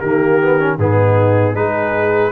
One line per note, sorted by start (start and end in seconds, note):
0.00 0.78 D#3
0.00 0.42 A#3
0.00 0.77 G4
0.00 0.78 A#4
0.43 0.59 B3
0.59 0.79 C#4
0.78 1.55 G#2
0.78 1.55 B3
0.78 1.56 D#4
0.78 1.56 G#4
1.55 2.32 G#3
1.55 2.32 D#4
1.55 2.32 G#4
1.55 2.32 B4